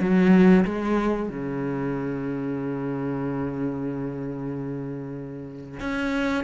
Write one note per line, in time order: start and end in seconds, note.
0.00 0.65 F#3
0.65 1.29 G#3
1.29 5.80 C#3
5.80 6.44 C#4